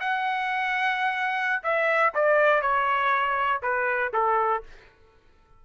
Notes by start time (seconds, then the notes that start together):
0.00 F#5
1.63 E5
2.14 D5
2.62 C#5
3.62 B4
4.13 A4